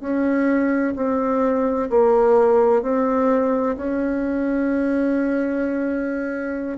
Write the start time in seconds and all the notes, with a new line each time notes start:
0.00 C#4
0.96 C4
1.90 A#3
2.82 C4
3.77 C#4